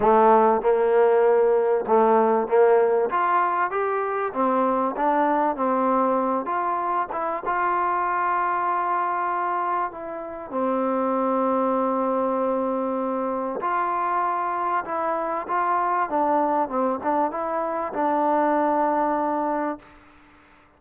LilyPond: \new Staff \with { instrumentName = "trombone" } { \time 4/4 \tempo 4 = 97 a4 ais2 a4 | ais4 f'4 g'4 c'4 | d'4 c'4. f'4 e'8 | f'1 |
e'4 c'2.~ | c'2 f'2 | e'4 f'4 d'4 c'8 d'8 | e'4 d'2. | }